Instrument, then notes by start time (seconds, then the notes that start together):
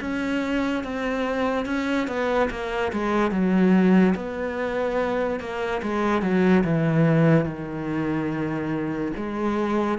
cello
0.00 C#4
0.83 C4
1.66 C#4
2.07 B3
2.50 A#3
2.92 G#3
3.31 F#3
4.15 B3
5.40 A#3
5.82 G#3
6.22 F#3
6.64 E3
7.45 D#3
9.16 G#3